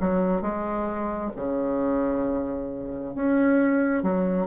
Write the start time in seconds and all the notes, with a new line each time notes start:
0.00 F#3
0.42 G#3
1.36 C#3
3.15 C#4
4.03 F#3